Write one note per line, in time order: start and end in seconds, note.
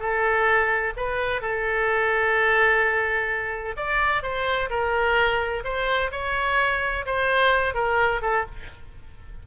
0.00 0.94 A4
0.97 1.42 B4
1.42 3.76 A4
3.77 4.23 D5
4.23 4.70 C5
4.70 5.64 A#4
5.65 6.12 C5
6.12 7.06 C#5
7.07 7.75 C5
7.75 8.22 A#4
8.22 8.46 A4